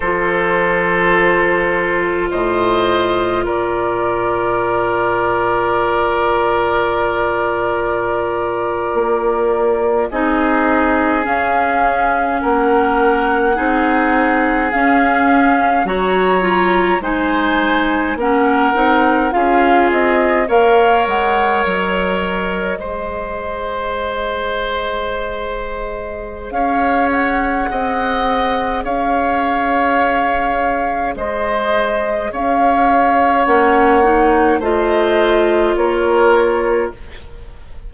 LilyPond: <<
  \new Staff \with { instrumentName = "flute" } { \time 4/4 \tempo 4 = 52 c''2 dis''4 d''4~ | d''1~ | d''8. dis''4 f''4 fis''4~ fis''16~ | fis''8. f''4 ais''4 gis''4 fis''16~ |
fis''8. f''8 dis''8 f''8 fis''8 dis''4~ dis''16~ | dis''2. f''8 fis''8~ | fis''4 f''2 dis''4 | f''4 fis''4 dis''4 cis''4 | }
  \new Staff \with { instrumentName = "oboe" } { \time 4/4 a'2 c''4 ais'4~ | ais'1~ | ais'8. gis'2 ais'4 gis'16~ | gis'4.~ gis'16 cis''4 c''4 ais'16~ |
ais'8. gis'4 cis''2 c''16~ | c''2. cis''4 | dis''4 cis''2 c''4 | cis''2 c''4 ais'4 | }
  \new Staff \with { instrumentName = "clarinet" } { \time 4/4 f'1~ | f'1~ | f'8. dis'4 cis'2 dis'16~ | dis'8. cis'4 fis'8 f'8 dis'4 cis'16~ |
cis'16 dis'8 f'4 ais'2 gis'16~ | gis'1~ | gis'1~ | gis'4 cis'8 dis'8 f'2 | }
  \new Staff \with { instrumentName = "bassoon" } { \time 4/4 f2 a,4 ais,4~ | ais,2.~ ais,8. ais16~ | ais8. c'4 cis'4 ais4 c'16~ | c'8. cis'4 fis4 gis4 ais16~ |
ais16 c'8 cis'8 c'8 ais8 gis8 fis4 gis16~ | gis2. cis'4 | c'4 cis'2 gis4 | cis'4 ais4 a4 ais4 | }
>>